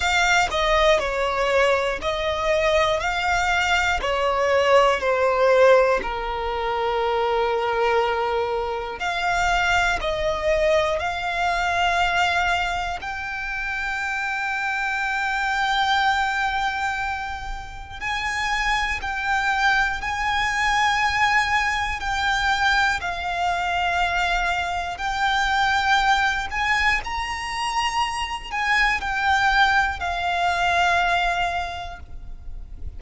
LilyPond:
\new Staff \with { instrumentName = "violin" } { \time 4/4 \tempo 4 = 60 f''8 dis''8 cis''4 dis''4 f''4 | cis''4 c''4 ais'2~ | ais'4 f''4 dis''4 f''4~ | f''4 g''2.~ |
g''2 gis''4 g''4 | gis''2 g''4 f''4~ | f''4 g''4. gis''8 ais''4~ | ais''8 gis''8 g''4 f''2 | }